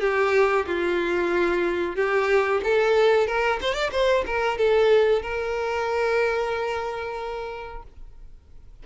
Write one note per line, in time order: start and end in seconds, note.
0.00 0.65 G4
0.66 1.95 F4
1.95 2.61 G4
2.64 3.27 A4
3.27 3.59 A#4
3.61 3.74 C5
3.74 3.90 D5
3.92 4.24 C5
4.26 4.57 A#4
4.57 5.22 A4
5.22 7.83 A#4